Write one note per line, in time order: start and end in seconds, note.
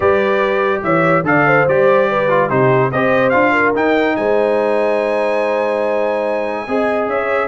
0.00 0.82 G3
0.00 1.24 G4
0.00 0.82 B4
0.00 0.82 D5
0.83 1.23 E3
0.83 1.25 C#5
0.83 1.25 E5
1.23 1.65 D3
1.23 1.66 A4
1.23 1.47 D5
1.23 1.68 F5
1.47 2.09 C5
1.67 2.50 G3
1.67 2.29 G4
1.67 2.49 D5
2.09 2.49 B4
2.29 2.49 F4
2.49 2.92 C3
2.49 2.91 D#4
2.49 2.91 G4
2.49 2.91 C5
2.91 3.34 C4
2.91 3.32 G4
2.91 3.52 C5
2.91 3.29 D#5
3.29 3.75 D4
3.29 3.74 F4
3.29 3.71 F5
3.52 4.14 A#4
3.75 4.17 D#4
3.75 6.67 D#4
3.75 4.16 G5
4.16 6.67 G#3
4.16 6.67 C5
4.16 7.07 G#5
6.67 7.07 C4
6.67 7.47 G#4
6.67 7.09 D#5
7.07 7.47 C#4
7.07 7.47 C#5
7.07 7.47 E5